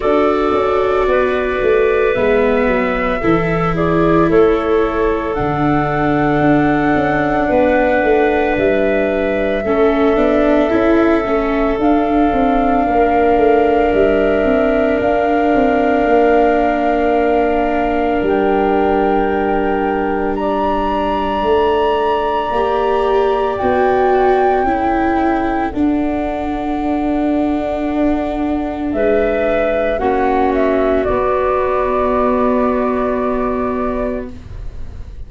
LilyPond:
<<
  \new Staff \with { instrumentName = "flute" } { \time 4/4 \tempo 4 = 56 d''2 e''4. d''8 | cis''4 fis''2. | e''2. f''4~ | f''4 e''4 f''2~ |
f''4 g''2 ais''4~ | ais''2 g''2 | fis''2. e''4 | fis''8 e''8 d''2. | }
  \new Staff \with { instrumentName = "clarinet" } { \time 4/4 a'4 b'2 a'8 gis'8 | a'2. b'4~ | b'4 a'2. | ais'1~ |
ais'2. d''4~ | d''2. a'4~ | a'2. b'4 | fis'1 | }
  \new Staff \with { instrumentName = "viola" } { \time 4/4 fis'2 b4 e'4~ | e'4 d'2.~ | d'4 cis'8 d'8 e'8 cis'8 d'4~ | d'1~ |
d'1~ | d'4 g'4 fis'4 e'4 | d'1 | cis'4 b2. | }
  \new Staff \with { instrumentName = "tuba" } { \time 4/4 d'8 cis'8 b8 a8 gis8 fis8 e4 | a4 d4 d'8 cis'8 b8 a8 | g4 a8 b8 cis'8 a8 d'8 c'8 | ais8 a8 g8 c'8 d'8 c'8 ais4~ |
ais4 g2. | a4 ais4 b4 cis'4 | d'2. gis4 | ais4 b2. | }
>>